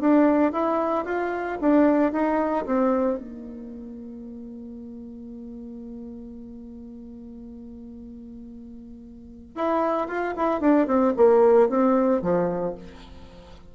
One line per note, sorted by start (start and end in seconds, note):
0.00 0.52 D4
0.52 1.05 E4
1.05 1.58 F4
1.61 2.12 D4
2.12 2.65 D#4
2.65 3.19 C4
3.19 9.55 A#3
9.55 10.07 E4
10.07 10.34 F4
10.36 10.60 E4
10.60 10.87 D4
10.87 11.13 C4
11.16 11.69 A#3
11.69 12.22 C4
12.22 12.75 F3